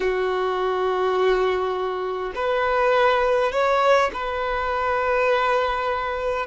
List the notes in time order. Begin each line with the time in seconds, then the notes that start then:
0.00 F#4
2.35 B4
3.52 C#5
4.13 B4